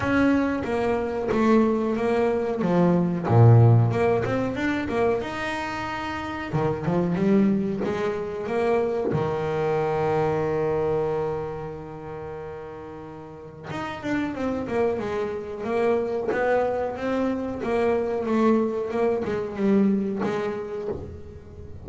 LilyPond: \new Staff \with { instrumentName = "double bass" } { \time 4/4 \tempo 4 = 92 cis'4 ais4 a4 ais4 | f4 ais,4 ais8 c'8 d'8 ais8 | dis'2 dis8 f8 g4 | gis4 ais4 dis2~ |
dis1~ | dis4 dis'8 d'8 c'8 ais8 gis4 | ais4 b4 c'4 ais4 | a4 ais8 gis8 g4 gis4 | }